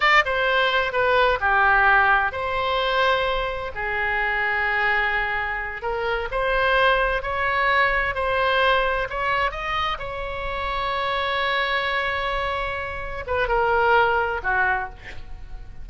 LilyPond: \new Staff \with { instrumentName = "oboe" } { \time 4/4 \tempo 4 = 129 d''8 c''4. b'4 g'4~ | g'4 c''2. | gis'1~ | gis'8 ais'4 c''2 cis''8~ |
cis''4. c''2 cis''8~ | cis''8 dis''4 cis''2~ cis''8~ | cis''1~ | cis''8 b'8 ais'2 fis'4 | }